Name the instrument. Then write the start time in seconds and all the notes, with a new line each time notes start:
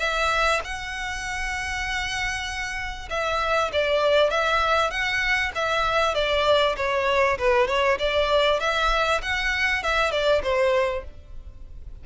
violin
0.00 E5
0.65 F#5
3.10 E5
3.73 D5
4.31 E5
4.91 F#5
5.55 E5
6.15 D5
6.77 C#5
7.39 B4
7.68 C#5
8.00 D5
8.60 E5
9.23 F#5
9.83 E5
10.12 D5
10.43 C5